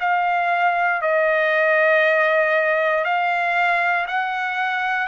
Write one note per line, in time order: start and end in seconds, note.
0.00 1.01 F5
1.01 3.04 D#5
3.04 4.06 F5
4.07 5.07 F#5